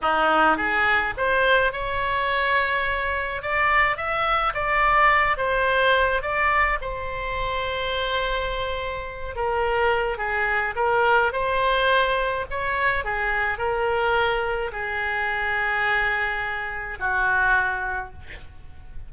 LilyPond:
\new Staff \with { instrumentName = "oboe" } { \time 4/4 \tempo 4 = 106 dis'4 gis'4 c''4 cis''4~ | cis''2 d''4 e''4 | d''4. c''4. d''4 | c''1~ |
c''8 ais'4. gis'4 ais'4 | c''2 cis''4 gis'4 | ais'2 gis'2~ | gis'2 fis'2 | }